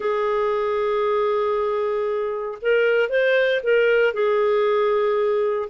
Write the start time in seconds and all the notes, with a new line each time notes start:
0.00 G#4
2.61 A#4
3.09 C5
3.63 A#4
4.13 G#4